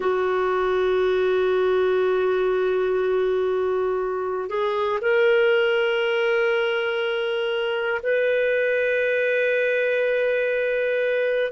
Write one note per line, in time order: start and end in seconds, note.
0.00 4.49 F#4
4.49 4.99 G#4
5.01 8.01 A#4
8.03 11.51 B4